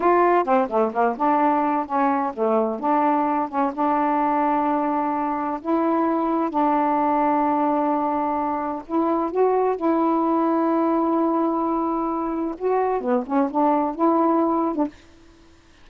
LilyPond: \new Staff \with { instrumentName = "saxophone" } { \time 4/4 \tempo 4 = 129 f'4 c'8 a8 ais8 d'4. | cis'4 a4 d'4. cis'8 | d'1 | e'2 d'2~ |
d'2. e'4 | fis'4 e'2.~ | e'2. fis'4 | b8 cis'8 d'4 e'4.~ e'16 d'16 | }